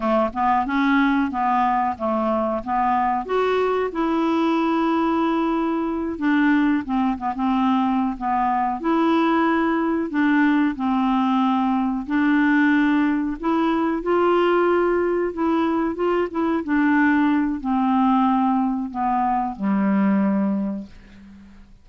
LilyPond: \new Staff \with { instrumentName = "clarinet" } { \time 4/4 \tempo 4 = 92 a8 b8 cis'4 b4 a4 | b4 fis'4 e'2~ | e'4. d'4 c'8 b16 c'8.~ | c'8 b4 e'2 d'8~ |
d'8 c'2 d'4.~ | d'8 e'4 f'2 e'8~ | e'8 f'8 e'8 d'4. c'4~ | c'4 b4 g2 | }